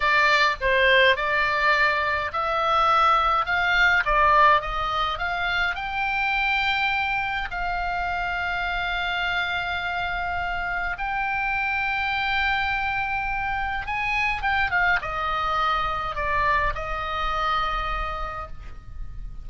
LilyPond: \new Staff \with { instrumentName = "oboe" } { \time 4/4 \tempo 4 = 104 d''4 c''4 d''2 | e''2 f''4 d''4 | dis''4 f''4 g''2~ | g''4 f''2.~ |
f''2. g''4~ | g''1 | gis''4 g''8 f''8 dis''2 | d''4 dis''2. | }